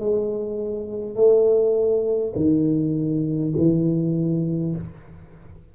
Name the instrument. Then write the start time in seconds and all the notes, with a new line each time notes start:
tuba
0.00 G#3
1.16 A3
2.35 D#3
3.57 E3